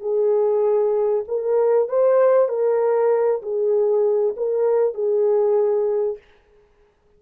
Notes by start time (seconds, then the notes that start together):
0.00 G#4
1.28 A#4
1.88 C5
2.49 A#4
3.42 G#4
4.37 A#4
4.94 G#4